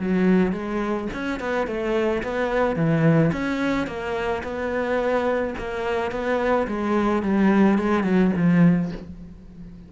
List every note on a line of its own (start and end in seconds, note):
0.00 0.53 F#3
0.53 1.08 G#3
1.14 1.40 C#4
1.40 1.68 B3
1.68 2.23 A3
2.23 2.77 B3
2.77 3.32 E3
3.33 3.87 C#4
3.87 4.43 A#3
4.44 5.55 B3
5.59 6.12 A#3
6.12 6.67 B3
6.68 7.23 G#3
7.23 7.79 G3
7.79 8.04 G#3
8.04 8.32 F#3
8.37 8.92 F3